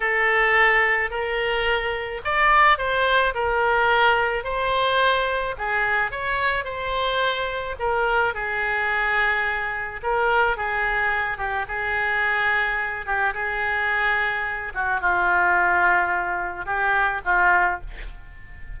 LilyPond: \new Staff \with { instrumentName = "oboe" } { \time 4/4 \tempo 4 = 108 a'2 ais'2 | d''4 c''4 ais'2 | c''2 gis'4 cis''4 | c''2 ais'4 gis'4~ |
gis'2 ais'4 gis'4~ | gis'8 g'8 gis'2~ gis'8 g'8 | gis'2~ gis'8 fis'8 f'4~ | f'2 g'4 f'4 | }